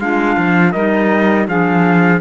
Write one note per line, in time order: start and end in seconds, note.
0.00 0.37 G#3
0.00 0.74 D4
0.00 0.73 F4
0.00 0.72 F5
0.37 0.74 F3
0.72 1.48 G3
0.72 1.48 D#4
0.72 1.46 A#4
0.72 1.46 D#5
1.46 2.21 F3
1.46 2.21 D4
1.46 2.21 G#4
1.46 2.21 F5